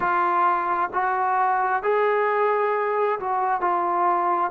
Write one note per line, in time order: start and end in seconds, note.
0.00 0.90 F4
0.93 1.82 F#4
1.82 3.19 G#4
3.19 3.60 F#4
3.60 4.50 F4